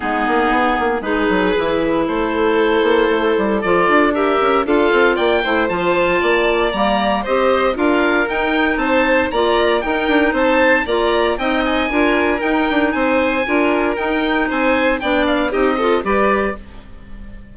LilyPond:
<<
  \new Staff \with { instrumentName = "oboe" } { \time 4/4 \tempo 4 = 116 gis'2 b'2 | c''2. d''4 | e''4 f''4 g''4 a''4~ | a''4 ais''4 dis''4 f''4 |
g''4 a''4 ais''4 g''4 | a''4 ais''4 g''8 gis''4. | g''4 gis''2 g''4 | gis''4 g''8 f''8 dis''4 d''4 | }
  \new Staff \with { instrumentName = "violin" } { \time 4/4 dis'2 gis'2 | a'1 | ais'4 a'4 d''8 c''4. | d''2 c''4 ais'4~ |
ais'4 c''4 d''4 ais'4 | c''4 d''4 dis''4 ais'4~ | ais'4 c''4 ais'2 | c''4 d''4 g'8 a'8 b'4 | }
  \new Staff \with { instrumentName = "clarinet" } { \time 4/4 b2 dis'4 e'4~ | e'2. f'4 | g'4 f'4. e'8 f'4~ | f'4 ais4 g'4 f'4 |
dis'2 f'4 dis'4~ | dis'4 f'4 dis'4 f'4 | dis'2 f'4 dis'4~ | dis'4 d'4 dis'8 f'8 g'4 | }
  \new Staff \with { instrumentName = "bassoon" } { \time 4/4 gis8 ais8 b8 ais8 gis8 fis8 e4 | a4. ais8 a8 g8 f8 d'8~ | d'8 cis'8 d'8 c'8 ais8 a8 f4 | ais4 g4 c'4 d'4 |
dis'4 c'4 ais4 dis'8 d'8 | c'4 ais4 c'4 d'4 | dis'8 d'8 c'4 d'4 dis'4 | c'4 b4 c'4 g4 | }
>>